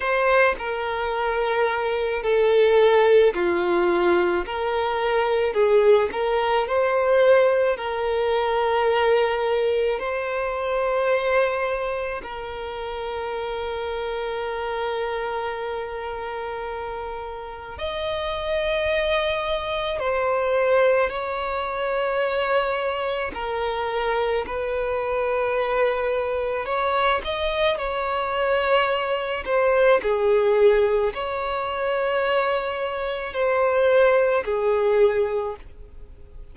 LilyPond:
\new Staff \with { instrumentName = "violin" } { \time 4/4 \tempo 4 = 54 c''8 ais'4. a'4 f'4 | ais'4 gis'8 ais'8 c''4 ais'4~ | ais'4 c''2 ais'4~ | ais'1 |
dis''2 c''4 cis''4~ | cis''4 ais'4 b'2 | cis''8 dis''8 cis''4. c''8 gis'4 | cis''2 c''4 gis'4 | }